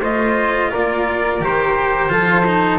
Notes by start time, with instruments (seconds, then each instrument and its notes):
0.00 double bass A3, cello F4, flute C5, trumpet D#5
0.70 double bass A#3, flute A#4, trumpet D5
1.40 double bass D#3, cello G4, trumpet C5
2.09 double bass F3, cello F4, flute A4
2.45 cello D#4